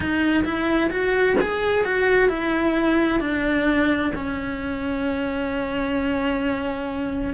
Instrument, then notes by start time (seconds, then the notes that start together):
cello
0.00 D#4
0.44 E4
0.90 F#4
1.40 G#4
1.84 F#4
2.28 E4
3.20 D4
4.15 C#4